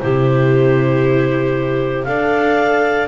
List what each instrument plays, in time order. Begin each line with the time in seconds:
0.00 double bass C3, viola E4, clarinet G4 C5
2.05 double bass D4, viola A4, clarinet D5 F5